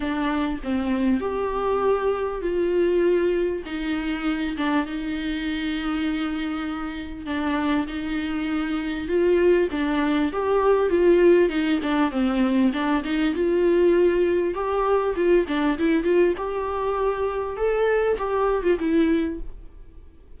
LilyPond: \new Staff \with { instrumentName = "viola" } { \time 4/4 \tempo 4 = 99 d'4 c'4 g'2 | f'2 dis'4. d'8 | dis'1 | d'4 dis'2 f'4 |
d'4 g'4 f'4 dis'8 d'8 | c'4 d'8 dis'8 f'2 | g'4 f'8 d'8 e'8 f'8 g'4~ | g'4 a'4 g'8. f'16 e'4 | }